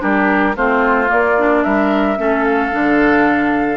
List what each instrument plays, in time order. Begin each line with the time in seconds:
0.00 bassoon G3, clarinet D4, oboe G4, flute A#4
0.56 bassoon A3, clarinet C4, oboe F4, flute C5
1.07 clarinet A#3, bassoon A#3, flute D5
1.39 clarinet D4
1.64 bassoon G3, oboe A#4, flute E5
2.18 bassoon A3, clarinet C#4, oboe A4
2.44 flute F5
2.72 bassoon D3, clarinet D4